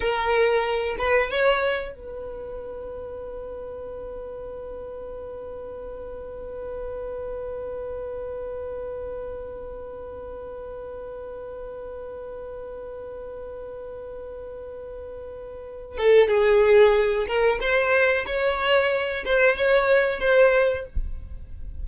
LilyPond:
\new Staff \with { instrumentName = "violin" } { \time 4/4 \tempo 4 = 92 ais'4. b'8 cis''4 b'4~ | b'1~ | b'1~ | b'1~ |
b'1~ | b'1~ | b'8 a'8 gis'4. ais'8 c''4 | cis''4. c''8 cis''4 c''4 | }